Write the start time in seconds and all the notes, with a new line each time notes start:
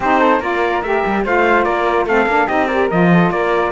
0.00 C4 D#4 G4 C5
0.19 A4
0.39 A#3 F4 A#4 D5
0.82 A3 G4 E5
1.06 G3
1.24 A3 F4 C5 F5
1.64 A#3 A#4 D5
2.06 A3 C4 A4 F5
2.26 A#3 D4
2.47 C4 D#4 G4 D#5
2.67 G4 A#4 D5
2.90 F3 F4 D#5
3.12 A4
3.30 A#3 A#4 D5